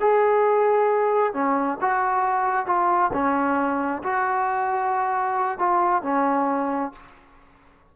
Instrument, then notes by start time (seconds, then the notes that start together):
trombone
0.00 G#4
1.34 C#4
1.81 F#4
2.66 F4
3.13 C#4
4.03 F#4
5.59 F4
6.03 C#4